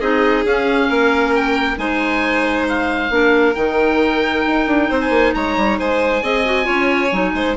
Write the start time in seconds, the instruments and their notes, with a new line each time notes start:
0.00 bassoon C4, clarinet D#4, violin G#4, oboe D#5
0.44 bassoon C#4, clarinet C#4, oboe F5
0.89 bassoon A#3, violin A#4
1.35 oboe G5
1.77 bassoon G#3, clarinet D#4, violin C5, oboe G#5
2.69 oboe F5
3.10 bassoon A#3, clarinet D4, violin A#4
3.55 bassoon D#3, clarinet D#4, oboe G5
4.47 bassoon D#4
4.67 bassoon D4
4.89 bassoon C4, violin C5
5.01 oboe G#5
5.10 bassoon A#3
5.34 bassoon G#3, violin C#5, oboe A#5
5.57 bassoon G3
5.79 bassoon G#3, violin C5, oboe G#5
6.22 bassoon C4, clarinet G#4, violin D#5
6.45 clarinet F#4
6.64 bassoon C#4, clarinet F4, violin C#5
7.12 bassoon F#3, clarinet D#4
7.34 bassoon G#3, violin C5